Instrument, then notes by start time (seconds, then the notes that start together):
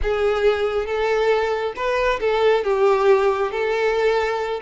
violin
0.02 G#4
0.86 A4
1.76 B4
2.20 A4
2.64 G4
3.51 A4